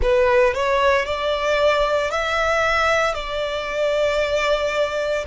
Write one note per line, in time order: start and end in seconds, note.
0.02 0.54 B4
0.54 1.05 C#5
1.05 2.11 D5
2.11 3.14 E5
3.14 5.24 D5